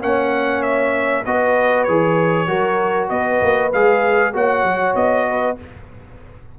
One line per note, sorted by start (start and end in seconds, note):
0.00 1.25 A#3
0.00 1.24 C#4
0.00 1.24 C#5
0.00 0.63 F#5
0.63 1.25 E5
1.25 1.88 B3
1.25 1.88 F#4
1.25 2.48 B4
1.25 1.84 D#5
1.84 2.48 E3
1.84 2.48 G#4
1.84 3.07 C#5
2.48 3.10 F#3
2.48 3.71 F#4
2.48 3.10 A#4
3.09 3.41 B3
3.09 4.34 B4
3.09 3.71 D#5
3.42 3.73 A#3
3.73 4.34 G#3
3.73 4.33 G#4
3.73 4.35 F5
4.33 4.64 A#3
4.33 5.57 F#4
4.33 5.27 C#5
4.33 4.96 F#5
4.64 4.94 F#3
4.95 5.57 B3
4.95 5.58 D#5
5.28 5.59 B4